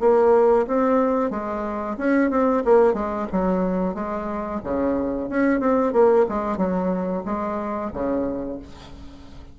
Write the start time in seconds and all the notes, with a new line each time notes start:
0.00 A#3
0.67 C4
1.30 G#3
1.97 C#4
2.30 C4
2.65 A#3
2.93 G#3
3.32 F#3
3.94 G#3
4.63 C#3
5.29 C#4
5.60 C4
5.93 A#3
6.29 G#3
6.57 F#3
7.25 G#3
7.93 C#3